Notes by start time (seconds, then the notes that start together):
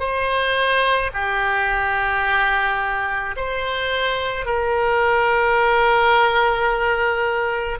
0.00 C5
1.14 G4
3.37 C5
4.46 A#4